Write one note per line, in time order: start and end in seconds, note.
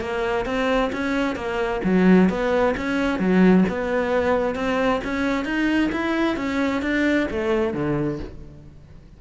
0.00 0.45 A#3
0.45 0.91 C4
0.92 1.35 C#4
1.35 1.81 A#3
1.84 2.29 F#3
2.29 2.75 B3
2.76 3.19 C#4
3.19 3.64 F#3
3.69 4.55 B3
4.55 5.00 C4
5.04 5.45 C#4
5.45 5.90 D#4
5.92 6.36 E4
6.36 6.81 C#4
6.82 7.27 D4
7.30 7.73 A3
7.73 8.19 D3